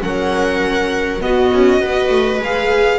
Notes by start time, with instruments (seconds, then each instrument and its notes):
0.00 double bass F#3, viola C#4 A#4, violin F#5
1.21 viola B3 F#4, double bass B3, violin D#5
1.53 double bass C#4
1.79 double bass B3, viola F#4 B4
2.10 double bass A3
2.40 double bass G#3, viola G#4, violin F5